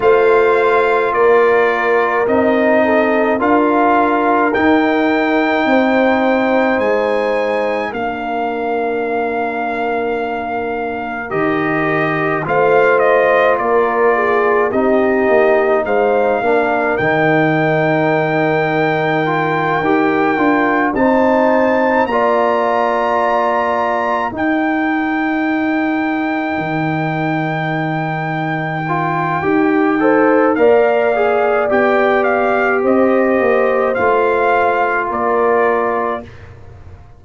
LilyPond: <<
  \new Staff \with { instrumentName = "trumpet" } { \time 4/4 \tempo 4 = 53 f''4 d''4 dis''4 f''4 | g''2 gis''4 f''4~ | f''2 dis''4 f''8 dis''8 | d''4 dis''4 f''4 g''4~ |
g''2~ g''8 a''4 ais''8~ | ais''4. g''2~ g''8~ | g''2. f''4 | g''8 f''8 dis''4 f''4 d''4 | }
  \new Staff \with { instrumentName = "horn" } { \time 4/4 c''4 ais'4. a'8 ais'4~ | ais'4 c''2 ais'4~ | ais'2. c''4 | ais'8 gis'8 g'4 c''8 ais'4.~ |
ais'2~ ais'8 c''4 d''8~ | d''4. ais'2~ ais'8~ | ais'2~ ais'8 c''8 d''4~ | d''4 c''2 ais'4 | }
  \new Staff \with { instrumentName = "trombone" } { \time 4/4 f'2 dis'4 f'4 | dis'2. d'4~ | d'2 g'4 f'4~ | f'4 dis'4. d'8 dis'4~ |
dis'4 f'8 g'8 f'8 dis'4 f'8~ | f'4. dis'2~ dis'8~ | dis'4. f'8 g'8 a'8 ais'8 gis'8 | g'2 f'2 | }
  \new Staff \with { instrumentName = "tuba" } { \time 4/4 a4 ais4 c'4 d'4 | dis'4 c'4 gis4 ais4~ | ais2 dis4 a4 | ais4 c'8 ais8 gis8 ais8 dis4~ |
dis4. dis'8 d'8 c'4 ais8~ | ais4. dis'2 dis8~ | dis2 dis'4 ais4 | b4 c'8 ais8 a4 ais4 | }
>>